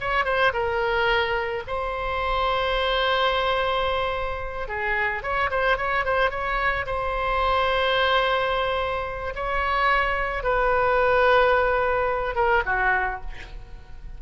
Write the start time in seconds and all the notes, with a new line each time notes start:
0.00 C#5
0.25 C5
0.53 A#4
1.67 C5
4.68 G#4
5.22 C#5
5.50 C5
5.77 C#5
6.05 C5
6.30 C#5
6.86 C5
9.35 C#5
10.43 B4
12.35 A#4
12.66 F#4